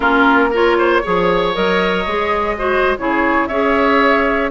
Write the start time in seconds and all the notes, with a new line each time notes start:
0.00 A#3 C#4 F4 A#4
0.51 F4 A#4 C#5
0.78 C5
1.01 F3 G#4 C#5
1.53 F#3 A#4 D#5
2.06 G#3 G#4
2.57 F#4 C5
2.98 C#3 E4 G#4 C#5
3.46 C#4 G#4 C#5 E5